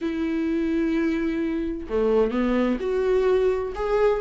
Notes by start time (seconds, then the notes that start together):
0.01 E4
1.89 A3
2.31 B3
2.79 F#4
3.75 G#4